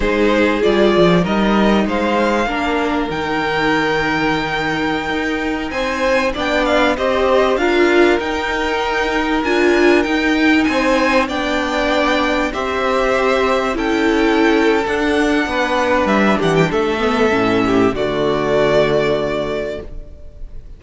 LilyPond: <<
  \new Staff \with { instrumentName = "violin" } { \time 4/4 \tempo 4 = 97 c''4 d''4 dis''4 f''4~ | f''4 g''2.~ | g''4~ g''16 gis''4 g''8 f''8 dis''8.~ | dis''16 f''4 g''2 gis''8.~ |
gis''16 g''4 gis''4 g''4.~ g''16~ | g''16 e''2 g''4.~ g''16 | fis''2 e''8 fis''16 g''16 e''4~ | e''4 d''2. | }
  \new Staff \with { instrumentName = "violin" } { \time 4/4 gis'2 ais'4 c''4 | ais'1~ | ais'4~ ais'16 c''4 d''4 c''8.~ | c''16 ais'2.~ ais'8.~ |
ais'4~ ais'16 c''4 d''4.~ d''16~ | d''16 c''2 a'4.~ a'16~ | a'4 b'4. g'8 a'4~ | a'8 g'8 fis'2. | }
  \new Staff \with { instrumentName = "viola" } { \time 4/4 dis'4 f'4 dis'2 | d'4 dis'2.~ | dis'2~ dis'16 d'4 g'8.~ | g'16 f'4 dis'2 f'8.~ |
f'16 dis'2 d'4.~ d'16~ | d'16 g'2 e'4.~ e'16 | d'2.~ d'8 b8 | cis'4 a2. | }
  \new Staff \with { instrumentName = "cello" } { \time 4/4 gis4 g8 f8 g4 gis4 | ais4 dis2.~ | dis16 dis'4 c'4 b4 c'8.~ | c'16 d'4 dis'2 d'8.~ |
d'16 dis'4 c'4 b4.~ b16~ | b16 c'2 cis'4.~ cis'16 | d'4 b4 g8 e8 a4 | a,4 d2. | }
>>